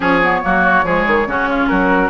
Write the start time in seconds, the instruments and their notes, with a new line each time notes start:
0.00 bassoon F3, clarinet C#4, oboe G#4, flute C#5
0.22 clarinet B3
0.42 bassoon F#3, clarinet A#3, oboe F#4
0.83 bassoon F3, clarinet G#3, oboe G#4
1.07 bassoon D#3
1.26 bassoon C#3, clarinet C#4, oboe F#4
1.49 oboe F4
1.67 bassoon F#3, oboe F#4, flute A#4